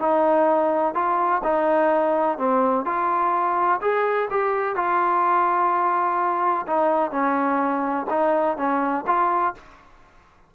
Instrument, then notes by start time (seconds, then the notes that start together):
trombone
0.00 D#4
0.94 F4
1.44 D#4
2.38 C4
2.85 F4
3.81 G#4
4.31 G4
4.76 F4
6.67 D#4
7.11 C#4
8.10 D#4
8.58 C#4
9.07 F4